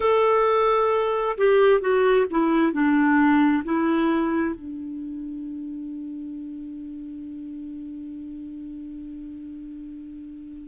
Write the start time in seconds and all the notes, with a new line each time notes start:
0.00 A4
1.37 G4
1.80 F#4
2.30 E4
2.72 D4
3.64 E4
4.55 D4